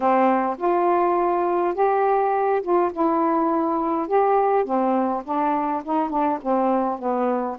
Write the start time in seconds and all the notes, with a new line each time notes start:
0.00 C4
0.58 F4
1.74 G4
2.62 F4
2.92 E4
4.07 G4
4.64 C4
5.24 D4
5.84 D#4
6.09 D4
6.41 C4
6.98 B3